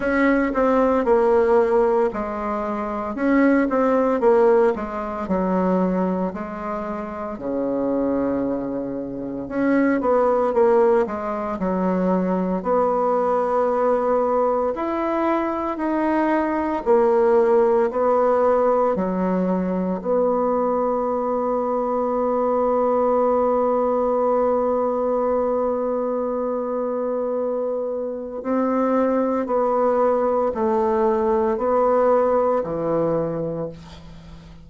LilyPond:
\new Staff \with { instrumentName = "bassoon" } { \time 4/4 \tempo 4 = 57 cis'8 c'8 ais4 gis4 cis'8 c'8 | ais8 gis8 fis4 gis4 cis4~ | cis4 cis'8 b8 ais8 gis8 fis4 | b2 e'4 dis'4 |
ais4 b4 fis4 b4~ | b1~ | b2. c'4 | b4 a4 b4 e4 | }